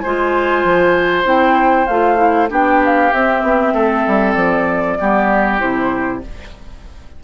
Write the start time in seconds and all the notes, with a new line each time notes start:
0.00 G#3 F4 C5 G#5
0.65 F3
1.24 C4 E4 G5
1.87 A3 F4 F5
2.17 E4
2.50 B3 D4 G4 G5
2.85 F5
3.13 C4 E5
3.43 B3
3.74 A3 A4
4.08 G3
4.34 F3 D5
4.99 G3 B3 G4
5.59 C3 E4 C5